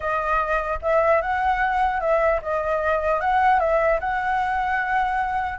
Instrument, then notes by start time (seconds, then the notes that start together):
flute
0.00 D#5
0.81 E5
1.21 F#5
2.00 E5
2.42 D#5
3.20 F#5
3.59 E5
4.00 F#5